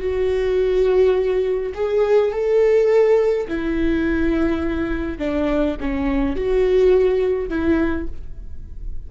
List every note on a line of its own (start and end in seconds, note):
0.00 1.73 F#4
1.75 2.32 G#4
2.32 3.47 A4
3.48 5.19 E4
5.19 5.76 D4
5.81 6.36 C#4
6.36 7.49 F#4
7.49 8.07 E4